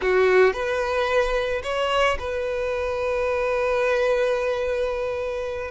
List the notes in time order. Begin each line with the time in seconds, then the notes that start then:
0.01 F#4
0.53 B4
1.63 C#5
2.19 B4